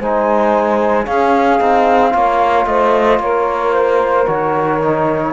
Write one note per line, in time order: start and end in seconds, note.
0.00 1.07 G#3
0.00 1.05 D#4
0.00 1.05 C5
0.00 1.07 G#5
1.05 1.58 C#4
1.05 1.61 C#4
1.05 2.12 G#4
1.05 2.67 F5
1.59 2.14 C4
1.59 2.11 D#4
2.11 2.67 A#3
2.11 4.26 F4
2.11 2.67 C#5
2.67 3.20 A3
2.67 3.21 C5
2.67 3.20 D#5
3.20 4.27 A#3
3.20 5.33 A#4
3.20 3.75 C#5
3.75 4.28 C5
4.27 5.33 D#3
4.27 4.81 F#4
4.27 5.33 C#5
4.81 5.33 D#4